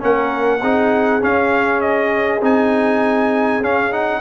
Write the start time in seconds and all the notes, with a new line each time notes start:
0.00 A#3 C#4 A#4 F#5
0.61 C4 D#4 G#4
1.21 C#4 F5
1.81 D#5
2.42 C4 D#4 G#5
3.61 C#4 F5
3.92 D#4 F#5